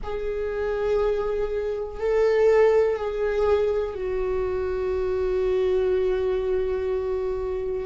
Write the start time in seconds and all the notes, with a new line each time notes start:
0.03 G#4
1.99 A4
2.96 G#4
3.94 F#4